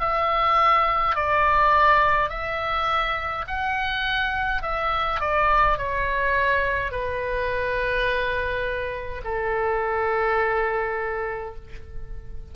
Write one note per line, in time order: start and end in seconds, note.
0.00 1.15 E5
1.15 2.30 D5
2.30 3.45 E5
3.48 4.63 F#5
4.63 5.20 E5
5.20 5.78 D5
5.78 6.91 C#5
6.91 9.22 B4
9.24 11.55 A4